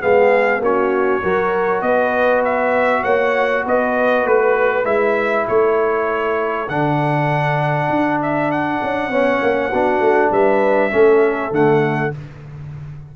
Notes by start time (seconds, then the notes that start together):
0.00 G#3 B3 G#4 F5
0.59 A#3 C#4 F#4 C#5
1.22 F#3 F#4 A#4
1.81 B3 B4 D#5
2.44 E5
3.02 A#3 C#5 F#5
3.66 B3 B4 D#5
4.25 A3 B4
4.84 G#3 E4 E5
5.47 A3 A4 C#5
6.68 D3 D4 F#5
7.89 D4
8.22 E5
8.51 F#5
8.82 C#4
9.09 B3 C#4 C#5
9.41 A#3
9.69 B3 D4 F#4
10.00 A3
10.31 G3 B4 E5
10.90 A3 C#4 A4
11.51 D3 A3 F#5